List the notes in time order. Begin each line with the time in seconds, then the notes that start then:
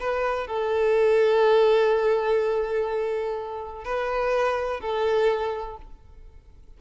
0.00 B4
0.47 A4
3.84 B4
4.80 A4